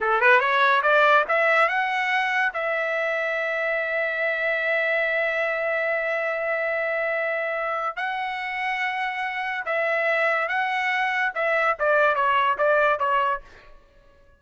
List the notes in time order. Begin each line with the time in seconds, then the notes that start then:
0.00 A4
0.20 B4
0.39 C#5
0.82 D5
1.28 E5
1.68 F#5
2.53 E5
7.96 F#5
9.65 E5
10.48 F#5
11.34 E5
11.79 D5
12.15 C#5
12.58 D5
12.99 C#5